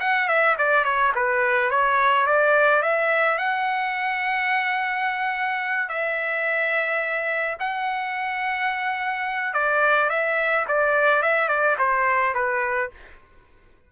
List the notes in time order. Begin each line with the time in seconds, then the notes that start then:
0.00 F#5
0.28 E5
0.58 D5
0.84 C#5
1.15 B4
1.71 C#5
2.26 D5
2.82 E5
3.38 F#5
5.89 E5
7.60 F#5
9.53 D5
10.09 E5
10.68 D5
11.23 E5
11.48 D5
11.79 C5
12.34 B4